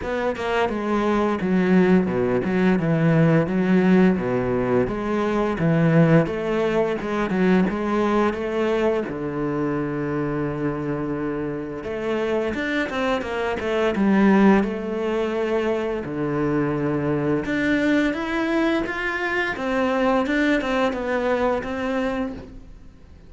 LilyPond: \new Staff \with { instrumentName = "cello" } { \time 4/4 \tempo 4 = 86 b8 ais8 gis4 fis4 b,8 fis8 | e4 fis4 b,4 gis4 | e4 a4 gis8 fis8 gis4 | a4 d2.~ |
d4 a4 d'8 c'8 ais8 a8 | g4 a2 d4~ | d4 d'4 e'4 f'4 | c'4 d'8 c'8 b4 c'4 | }